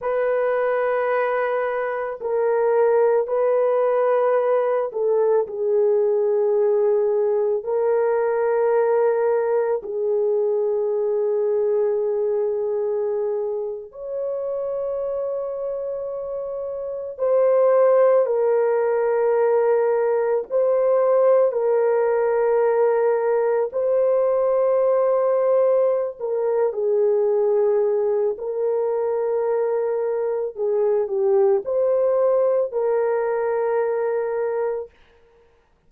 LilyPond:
\new Staff \with { instrumentName = "horn" } { \time 4/4 \tempo 4 = 55 b'2 ais'4 b'4~ | b'8 a'8 gis'2 ais'4~ | ais'4 gis'2.~ | gis'8. cis''2. c''16~ |
c''8. ais'2 c''4 ais'16~ | ais'4.~ ais'16 c''2~ c''16 | ais'8 gis'4. ais'2 | gis'8 g'8 c''4 ais'2 | }